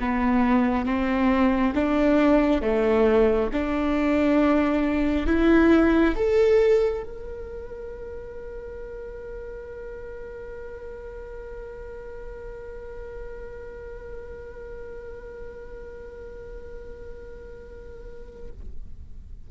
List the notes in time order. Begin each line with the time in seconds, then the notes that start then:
0.00 B3
0.85 C4
1.74 D4
2.61 A3
3.53 D4
5.26 E4
6.16 A4
7.03 A#4